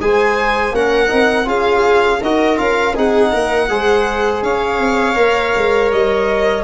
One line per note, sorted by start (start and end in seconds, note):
0.00 0.72 G#3
0.00 0.74 G#4
0.00 0.75 C5
0.00 0.75 G#5
0.72 1.09 A#3
0.72 1.08 C#4
0.72 1.46 A#4
0.72 1.49 F#5
1.08 1.46 C4
1.08 1.45 D#4
1.45 2.20 C#4
1.45 2.19 F4
1.45 2.20 G#4
1.45 2.23 F5
2.20 2.58 D#4
2.20 2.56 F#4
2.20 2.94 A#4
2.20 2.58 D#5
2.56 2.96 C#4
2.56 2.94 F4
2.56 2.95 F5
2.94 3.33 C4
2.94 3.69 D#4
2.94 3.31 G#4
2.94 4.43 F#5
3.32 3.69 A#3
3.32 3.69 A#4
3.69 4.42 G#3
3.69 5.15 G#4
3.69 4.44 C5
4.42 4.79 C#4
4.42 6.64 C#5
4.42 5.91 F5
4.79 5.16 C4
5.15 5.54 A#3
5.15 6.63 A#4
5.56 5.92 G#3
5.92 6.64 G3
5.92 6.64 D#5